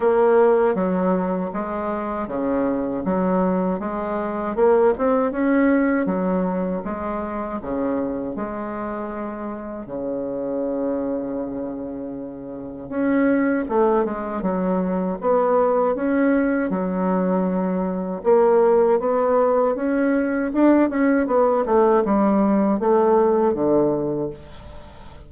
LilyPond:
\new Staff \with { instrumentName = "bassoon" } { \time 4/4 \tempo 4 = 79 ais4 fis4 gis4 cis4 | fis4 gis4 ais8 c'8 cis'4 | fis4 gis4 cis4 gis4~ | gis4 cis2.~ |
cis4 cis'4 a8 gis8 fis4 | b4 cis'4 fis2 | ais4 b4 cis'4 d'8 cis'8 | b8 a8 g4 a4 d4 | }